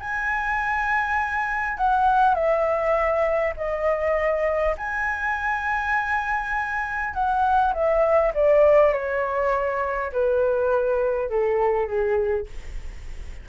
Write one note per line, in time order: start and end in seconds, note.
0.00 1.78 G#5
1.78 2.35 F#5
2.35 3.54 E5
3.57 4.76 D#5
4.78 7.14 G#5
7.14 7.73 F#5
7.73 8.33 E5
8.34 8.93 D5
8.93 10.12 C#5
10.12 11.30 B4
11.30 11.87 A4
11.87 12.46 G#4